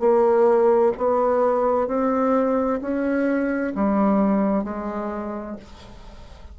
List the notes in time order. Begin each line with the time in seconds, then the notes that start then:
0.00 A#3
0.97 B3
1.88 C4
2.81 C#4
3.75 G3
4.64 G#3